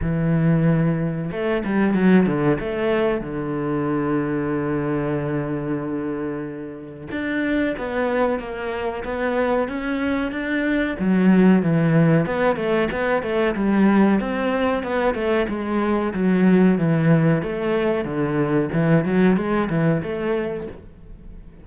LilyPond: \new Staff \with { instrumentName = "cello" } { \time 4/4 \tempo 4 = 93 e2 a8 g8 fis8 d8 | a4 d2.~ | d2. d'4 | b4 ais4 b4 cis'4 |
d'4 fis4 e4 b8 a8 | b8 a8 g4 c'4 b8 a8 | gis4 fis4 e4 a4 | d4 e8 fis8 gis8 e8 a4 | }